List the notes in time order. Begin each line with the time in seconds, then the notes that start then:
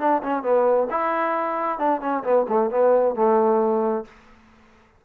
0.00 D4
0.23 C#4
0.43 B3
0.91 E4
1.79 D4
2.01 C#4
2.24 B3
2.49 A3
2.71 B3
3.15 A3